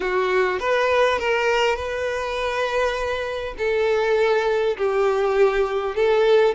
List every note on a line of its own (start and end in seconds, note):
0.00 0.59 F#4
0.59 1.19 B4
1.19 1.76 A#4
1.76 3.54 B4
3.58 4.77 A4
4.77 5.95 G4
5.95 6.55 A4